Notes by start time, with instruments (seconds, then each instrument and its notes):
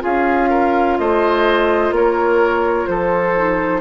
0.00 bassoon C#4, clarinet F4, oboe G#4, flute F5
0.50 oboe A#4
0.99 bassoon A3, oboe C5, flute D#5
1.91 bassoon A#3, oboe A#4, flute C#5
2.87 bassoon F3, oboe A4, flute C5
3.37 clarinet D#4